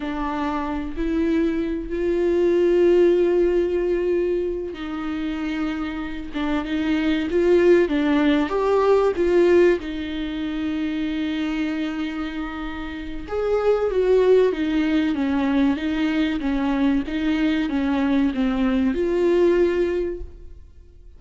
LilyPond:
\new Staff \with { instrumentName = "viola" } { \time 4/4 \tempo 4 = 95 d'4. e'4. f'4~ | f'2.~ f'8 dis'8~ | dis'2 d'8 dis'4 f'8~ | f'8 d'4 g'4 f'4 dis'8~ |
dis'1~ | dis'4 gis'4 fis'4 dis'4 | cis'4 dis'4 cis'4 dis'4 | cis'4 c'4 f'2 | }